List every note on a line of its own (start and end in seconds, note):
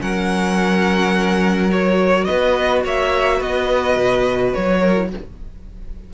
0.00 2.28 F#3
0.00 1.70 C#4
0.00 2.26 A#4
0.00 1.72 F#5
1.70 4.96 F#4
1.70 2.25 C#5
2.25 2.85 B3
2.25 2.83 B4
2.25 2.82 D#5
2.85 3.41 A#3
2.85 3.37 C#5
2.85 3.42 E5
3.37 3.97 B3
3.37 4.79 B4
3.37 4.54 D#5
3.97 4.53 B2
4.54 5.14 F#3
4.54 5.11 C#5
4.81 5.09 A#4
4.96 5.10 E4